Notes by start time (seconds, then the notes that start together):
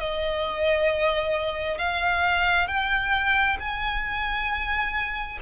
0.00 D#5
1.79 F5
2.68 G5
3.60 G#5